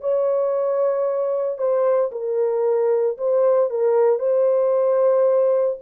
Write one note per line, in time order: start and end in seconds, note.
0.00 1.58 C#5
1.58 2.10 C5
2.11 3.17 A#4
3.17 3.69 C5
3.69 4.19 A#4
4.19 5.77 C5